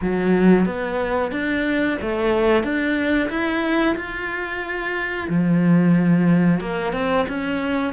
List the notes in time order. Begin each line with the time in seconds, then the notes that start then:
0.01 F#3
0.65 B3
1.31 D4
2.01 A3
2.63 D4
3.29 E4
3.96 F4
5.29 F3
6.60 A#3
6.93 C4
7.28 C#4